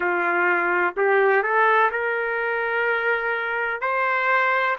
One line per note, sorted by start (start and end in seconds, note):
0.00 0.94 F4
0.96 1.42 G4
1.42 1.90 A4
1.91 3.81 A#4
3.81 4.76 C5